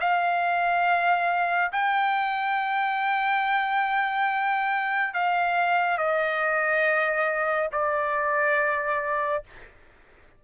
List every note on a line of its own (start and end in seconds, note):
0.00 1.71 F5
1.72 5.14 G5
5.14 5.98 F5
5.98 7.69 D#5
7.72 9.44 D5